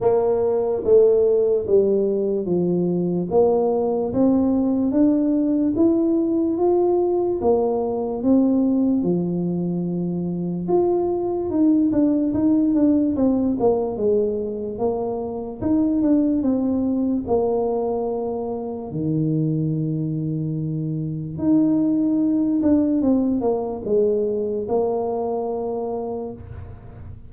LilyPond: \new Staff \with { instrumentName = "tuba" } { \time 4/4 \tempo 4 = 73 ais4 a4 g4 f4 | ais4 c'4 d'4 e'4 | f'4 ais4 c'4 f4~ | f4 f'4 dis'8 d'8 dis'8 d'8 |
c'8 ais8 gis4 ais4 dis'8 d'8 | c'4 ais2 dis4~ | dis2 dis'4. d'8 | c'8 ais8 gis4 ais2 | }